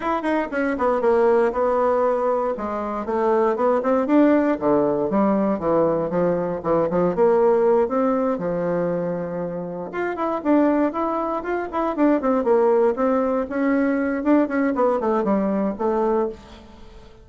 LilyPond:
\new Staff \with { instrumentName = "bassoon" } { \time 4/4 \tempo 4 = 118 e'8 dis'8 cis'8 b8 ais4 b4~ | b4 gis4 a4 b8 c'8 | d'4 d4 g4 e4 | f4 e8 f8 ais4. c'8~ |
c'8 f2. f'8 | e'8 d'4 e'4 f'8 e'8 d'8 | c'8 ais4 c'4 cis'4. | d'8 cis'8 b8 a8 g4 a4 | }